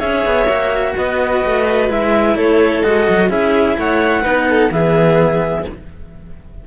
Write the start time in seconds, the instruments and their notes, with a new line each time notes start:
0.00 cello C#4 G#4, violin C#5, clarinet E5
0.26 cello B3
0.47 cello A#3 F#4
0.97 cello B3, violin B4, clarinet D#5
1.46 cello A3
1.90 cello G#3 E4, clarinet E5
2.36 cello A3, violin A4, clarinet C#5
2.83 cello G#3 F#4, clarinet D#5
3.09 cello F#3
3.30 cello C#4 E4, violin G#4, clarinet E5
3.78 cello A3, violin C#5, clarinet F#5
4.22 cello B3 D#4, violin B4
4.50 violin A4
4.71 cello E3 B3, violin G#4, clarinet E5